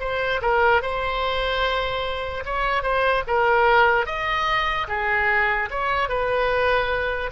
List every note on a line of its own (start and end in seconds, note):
0.00 0.41 C5
0.41 0.82 A#4
0.82 2.44 C5
2.45 2.82 C#5
2.82 3.23 C5
3.27 4.06 A#4
4.06 4.87 D#5
4.88 5.69 G#4
5.70 6.08 C#5
6.08 7.30 B4